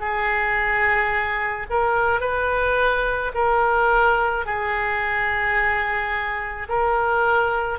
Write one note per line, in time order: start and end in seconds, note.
0.00 1.67 G#4
1.70 2.20 A#4
2.20 3.31 B4
3.34 4.45 A#4
4.45 6.68 G#4
6.69 7.79 A#4